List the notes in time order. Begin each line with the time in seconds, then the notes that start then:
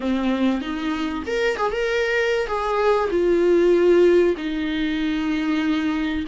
0.00 C4
0.61 D#4
1.26 A#4
1.56 G#4
1.71 A#4
2.47 G#4
3.10 F4
4.37 D#4